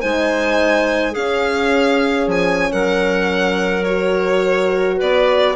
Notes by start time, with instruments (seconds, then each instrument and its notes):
0.00 bassoon G#3, horn D#4, clarinet C5, violin G#5
1.12 bassoon C#4, horn C#4, clarinet G#4, violin F5
2.27 bassoon F3, violin G#5
2.72 bassoon F#3, clarinet A#4, violin F#5
3.84 horn F#4, violin C#5
4.96 bassoon B3, clarinet B4, violin D5